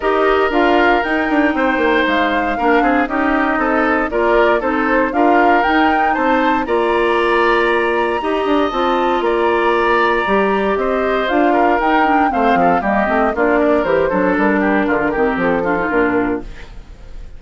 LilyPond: <<
  \new Staff \with { instrumentName = "flute" } { \time 4/4 \tempo 4 = 117 dis''4 f''4 g''2 | f''2 dis''2 | d''4 c''4 f''4 g''4 | a''4 ais''2.~ |
ais''4 a''4 ais''2~ | ais''4 dis''4 f''4 g''4 | f''4 dis''4 d''4 c''4 | ais'2 a'4 ais'4 | }
  \new Staff \with { instrumentName = "oboe" } { \time 4/4 ais'2. c''4~ | c''4 ais'8 gis'8 g'4 a'4 | ais'4 a'4 ais'2 | c''4 d''2. |
dis''2 d''2~ | d''4 c''4. ais'4. | c''8 a'8 g'4 f'8 ais'4 a'8~ | a'8 g'8 f'8 g'4 f'4. | }
  \new Staff \with { instrumentName = "clarinet" } { \time 4/4 g'4 f'4 dis'2~ | dis'4 d'4 dis'2 | f'4 dis'4 f'4 dis'4~ | dis'4 f'2. |
g'4 f'2. | g'2 f'4 dis'8 d'8 | c'4 ais8 c'8 d'4 g'8 d'8~ | d'4. c'4 d'16 dis'16 d'4 | }
  \new Staff \with { instrumentName = "bassoon" } { \time 4/4 dis'4 d'4 dis'8 d'8 c'8 ais8 | gis4 ais8 c'8 cis'4 c'4 | ais4 c'4 d'4 dis'4 | c'4 ais2. |
dis'8 d'8 c'4 ais2 | g4 c'4 d'4 dis'4 | a8 f8 g8 a8 ais4 e8 fis8 | g4 d8 dis8 f4 ais,4 | }
>>